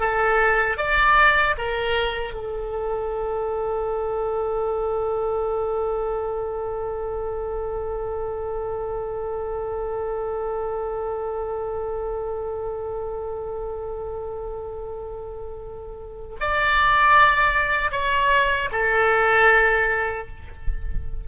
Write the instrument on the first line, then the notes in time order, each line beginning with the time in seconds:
oboe
0.00 A4
0.78 D5
1.58 A#4
2.33 A4
16.41 D5
17.91 C#5
18.72 A4